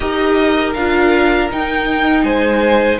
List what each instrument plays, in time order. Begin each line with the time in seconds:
0.00 cello D#4, viola G4, violin A#4 D#5
0.73 cello D4, viola F4, violin F5
1.50 viola D#4, cello D#4, violin G5
2.23 cello G#3, violin C5 G#5